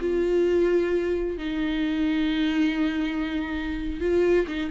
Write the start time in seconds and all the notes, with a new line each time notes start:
0.00 F4
1.37 D#4
4.00 F4
4.47 D#4